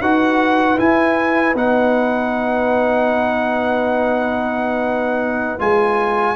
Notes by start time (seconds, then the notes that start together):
0.00 D#4 F#4 B4 F#5
0.77 E4 G#5
1.54 B3 D#4 F#5
5.59 G#3 F4 G#5